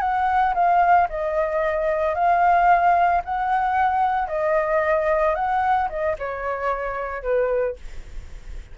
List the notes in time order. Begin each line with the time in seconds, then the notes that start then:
0.00 F#5
0.54 F5
1.09 D#5
2.14 F5
3.24 F#5
4.27 D#5
5.35 F#5
5.89 D#5
6.18 C#5
7.22 B4